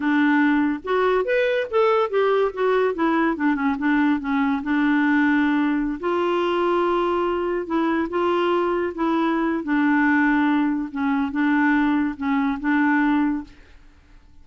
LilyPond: \new Staff \with { instrumentName = "clarinet" } { \time 4/4 \tempo 4 = 143 d'2 fis'4 b'4 | a'4 g'4 fis'4 e'4 | d'8 cis'8 d'4 cis'4 d'4~ | d'2~ d'16 f'4.~ f'16~ |
f'2~ f'16 e'4 f'8.~ | f'4~ f'16 e'4.~ e'16 d'4~ | d'2 cis'4 d'4~ | d'4 cis'4 d'2 | }